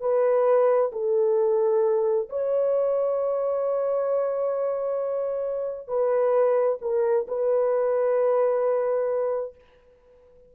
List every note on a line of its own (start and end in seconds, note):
0.00 0.91 B4
0.92 2.28 A4
2.29 5.88 C#5
5.88 6.79 B4
6.81 7.26 A#4
7.27 9.55 B4